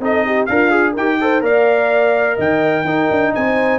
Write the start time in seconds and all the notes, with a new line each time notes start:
0.00 C4 D#4 A4 D#5
0.26 G4
0.46 D4 F4 A#4 F5
0.71 G#4
0.93 D#4 A#4 G5
0.99 G4
1.21 A4 C5
1.41 A#3 A#4 D5 F5
2.36 D#3 D#5 G5
2.84 D#4 A#4
3.11 D4
3.35 C4 C5 G#5